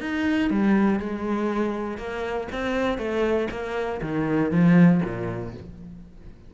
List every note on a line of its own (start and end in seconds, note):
0.00 0.50 D#4
0.50 0.99 G3
0.99 1.97 G#3
1.97 2.47 A#3
2.52 2.97 C4
2.97 3.47 A3
3.50 4.00 A#3
4.01 4.51 D#3
4.51 5.01 F3
5.04 5.54 A#2